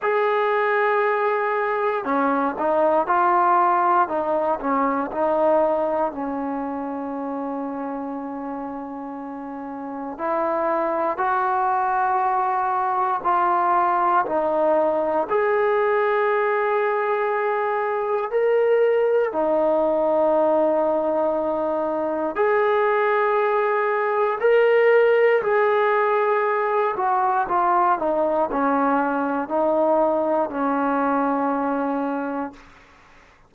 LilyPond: \new Staff \with { instrumentName = "trombone" } { \time 4/4 \tempo 4 = 59 gis'2 cis'8 dis'8 f'4 | dis'8 cis'8 dis'4 cis'2~ | cis'2 e'4 fis'4~ | fis'4 f'4 dis'4 gis'4~ |
gis'2 ais'4 dis'4~ | dis'2 gis'2 | ais'4 gis'4. fis'8 f'8 dis'8 | cis'4 dis'4 cis'2 | }